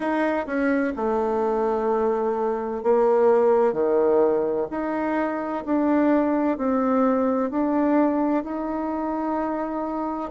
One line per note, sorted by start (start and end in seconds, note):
0.00 0.46 D#4
0.46 0.93 C#4
0.96 2.83 A3
2.83 3.72 A#3
3.72 4.66 D#3
4.70 5.64 D#4
5.65 6.57 D4
6.57 7.50 C4
7.50 8.43 D4
8.43 10.30 D#4